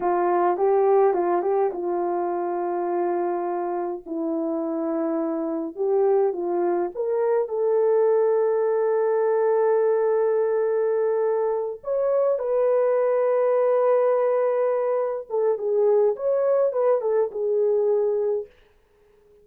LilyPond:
\new Staff \with { instrumentName = "horn" } { \time 4/4 \tempo 4 = 104 f'4 g'4 f'8 g'8 f'4~ | f'2. e'4~ | e'2 g'4 f'4 | ais'4 a'2.~ |
a'1~ | a'8 cis''4 b'2~ b'8~ | b'2~ b'8 a'8 gis'4 | cis''4 b'8 a'8 gis'2 | }